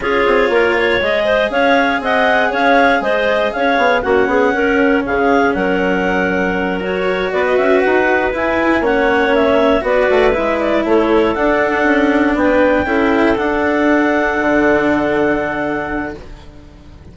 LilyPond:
<<
  \new Staff \with { instrumentName = "clarinet" } { \time 4/4 \tempo 4 = 119 cis''2 dis''4 f''4 | fis''4 f''4 dis''4 f''4 | fis''2 f''4 fis''4~ | fis''4. cis''4 d''16 dis''16 e''8 fis''8~ |
fis''8 gis''4 fis''4 e''4 d''8~ | d''8 e''8 d''8 cis''4 fis''4.~ | fis''8 g''2 fis''4.~ | fis''1 | }
  \new Staff \with { instrumentName = "clarinet" } { \time 4/4 gis'4 ais'8 cis''4 c''8 cis''4 | dis''4 cis''4 c''4 cis''4 | fis'8 gis'8 ais'4 gis'4 ais'4~ | ais'2~ ais'8 b'4.~ |
b'4. cis''2 b'8~ | b'4. a'2~ a'8~ | a'8 b'4 a'2~ a'8~ | a'1 | }
  \new Staff \with { instrumentName = "cello" } { \time 4/4 f'2 gis'2~ | gis'1 | cis'1~ | cis'4. fis'2~ fis'8~ |
fis'8 e'4 cis'2 fis'8~ | fis'8 e'2 d'4.~ | d'4. e'4 d'4.~ | d'1 | }
  \new Staff \with { instrumentName = "bassoon" } { \time 4/4 cis'8 c'8 ais4 gis4 cis'4 | c'4 cis'4 gis4 cis'8 b8 | ais8 b8 cis'4 cis4 fis4~ | fis2~ fis8 b8 cis'8 dis'8~ |
dis'8 e'4 ais2 b8 | a8 gis4 a4 d'4 cis'8~ | cis'8 b4 cis'4 d'4.~ | d'8 d2.~ d8 | }
>>